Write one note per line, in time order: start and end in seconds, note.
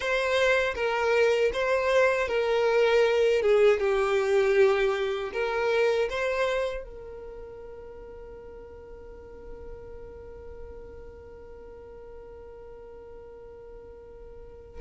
0.00 0.74 C5
0.75 1.51 A#4
1.53 2.28 C5
2.28 3.41 A#4
3.42 3.80 G#4
3.80 5.32 G4
5.32 6.08 A#4
6.09 6.83 C5
6.83 14.81 A#4